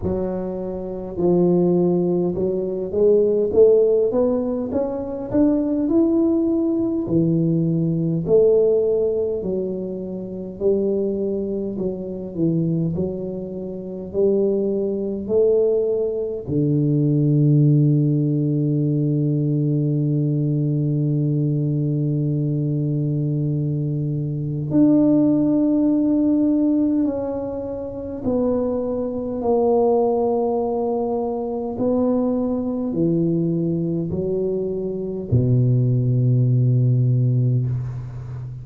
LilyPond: \new Staff \with { instrumentName = "tuba" } { \time 4/4 \tempo 4 = 51 fis4 f4 fis8 gis8 a8 b8 | cis'8 d'8 e'4 e4 a4 | fis4 g4 fis8 e8 fis4 | g4 a4 d2~ |
d1~ | d4 d'2 cis'4 | b4 ais2 b4 | e4 fis4 b,2 | }